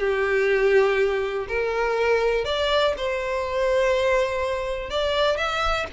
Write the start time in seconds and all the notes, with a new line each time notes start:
0.00 G4
1.48 A#4
2.45 D5
2.98 C5
4.90 D5
5.38 E5